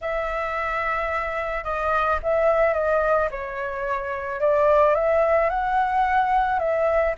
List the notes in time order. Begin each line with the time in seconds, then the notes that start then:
0.01 E5
1.64 D#5
2.22 E5
2.73 D#5
3.30 C#5
4.40 D5
4.94 E5
5.49 F#5
6.59 E5